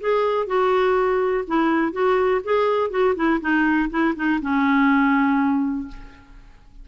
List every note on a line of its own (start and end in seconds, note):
0.00 0.46 G#4
0.46 1.44 F#4
1.47 1.92 E4
1.92 2.41 F#4
2.43 2.90 G#4
2.90 3.14 F#4
3.15 3.40 E4
3.40 3.89 D#4
3.90 4.14 E4
4.15 4.40 D#4
4.41 5.87 C#4